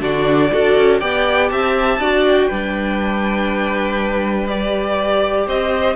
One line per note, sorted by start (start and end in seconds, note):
0.00 0.50 D3
0.00 0.50 D4
0.00 0.51 F#4
0.00 0.99 D5
0.52 0.77 D4
0.52 1.00 F#4
0.52 1.00 A4
0.77 1.01 C#4
0.99 1.50 B3
0.99 1.99 G4
0.99 1.49 D5
0.99 1.49 G5
1.49 1.98 C4
1.49 1.99 E5
1.49 2.23 A5
1.98 2.48 D4
1.98 2.50 F#4
1.98 2.47 D5
2.26 4.47 G5
2.47 5.46 G3
2.47 4.48 D4
2.47 5.45 B4
4.47 5.95 G4
4.47 5.46 D5
5.46 5.95 C4
5.46 5.95 C5
5.46 5.95 D#5